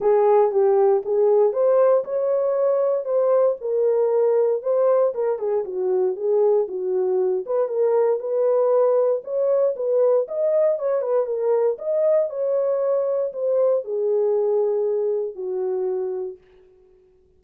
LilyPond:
\new Staff \with { instrumentName = "horn" } { \time 4/4 \tempo 4 = 117 gis'4 g'4 gis'4 c''4 | cis''2 c''4 ais'4~ | ais'4 c''4 ais'8 gis'8 fis'4 | gis'4 fis'4. b'8 ais'4 |
b'2 cis''4 b'4 | dis''4 cis''8 b'8 ais'4 dis''4 | cis''2 c''4 gis'4~ | gis'2 fis'2 | }